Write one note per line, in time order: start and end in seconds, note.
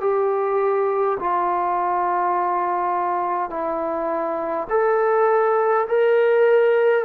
0.00 1.18 G4
1.19 3.50 F4
3.50 4.67 E4
4.70 5.87 A4
5.88 7.05 A#4